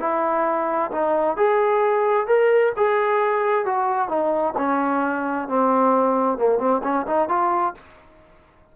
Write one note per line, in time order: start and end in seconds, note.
0.00 0.91 E4
0.92 1.36 D#4
1.36 2.27 G#4
2.27 2.73 A#4
2.77 3.65 G#4
3.65 4.08 F#4
4.08 4.54 D#4
4.57 5.48 C#4
5.48 6.38 C4
6.38 6.59 A#3
6.59 6.81 C4
6.83 7.06 C#4
7.07 7.29 D#4
7.29 7.74 F4